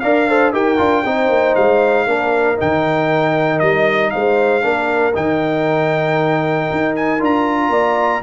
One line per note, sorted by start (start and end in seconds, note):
0.00 0.53 D4
0.00 0.29 A#4
0.00 0.27 D5
0.00 0.51 F5
0.29 0.53 A4
0.29 0.53 C5
0.53 0.79 D#4
0.53 0.78 G4
0.53 1.04 A#4
0.53 1.55 G5
0.78 1.04 D4
0.78 1.03 F4
1.04 1.29 C4
1.04 2.07 D#4
1.04 2.07 C5
1.29 1.55 A#3
1.55 2.07 G#3
1.55 2.58 F5
2.07 2.58 A#3
2.07 2.56 D4
2.07 4.12 A#4
2.56 3.61 D#3
2.56 4.61 D#4
2.56 3.59 G5
3.59 4.13 G3
3.59 4.10 D#5
4.10 4.64 G#3
4.10 4.64 C5
4.10 5.13 F5
4.61 5.15 A#3
4.61 5.13 D4
4.61 7.70 A#4
5.14 6.70 D#3
5.14 7.19 D#4
5.14 6.95 G5
6.71 7.21 D#4
6.96 7.21 G#5
7.19 7.69 D4
7.19 8.22 F4
7.19 8.22 A#5
7.69 8.21 A#3
7.69 8.22 D5